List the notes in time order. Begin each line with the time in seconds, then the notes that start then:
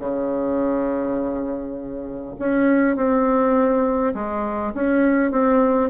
0.00 C#3
2.39 C#4
2.97 C4
4.15 G#3
4.75 C#4
5.32 C4